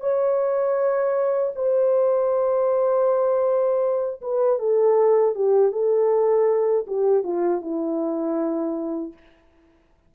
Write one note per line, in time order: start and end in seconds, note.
0.00 1.52 C#5
1.55 4.21 C5
4.21 4.59 B4
4.59 5.35 A4
5.35 5.72 G4
5.72 6.86 A4
6.87 7.23 G4
7.23 7.61 F4
7.61 9.13 E4